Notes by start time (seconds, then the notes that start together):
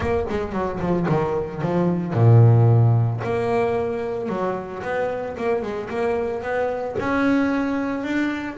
0.00 A#3
0.29 G#3
0.52 F#3
0.79 F3
1.08 D#3
1.61 F3
2.13 A#2
3.23 A#3
4.28 F#3
4.83 B3
5.37 A#3
5.62 G#3
5.89 A#3
6.42 B3
6.99 C#4
8.03 D4